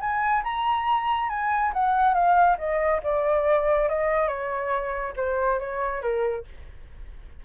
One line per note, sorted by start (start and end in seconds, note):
0.00 0.43 G#5
0.43 1.29 A#5
1.29 1.72 G#5
1.73 2.14 F#5
2.14 2.57 F5
2.58 3.00 D#5
3.03 3.88 D5
3.88 4.27 D#5
4.27 5.13 C#5
5.16 5.59 C5
5.59 6.01 C#5
6.01 6.44 A#4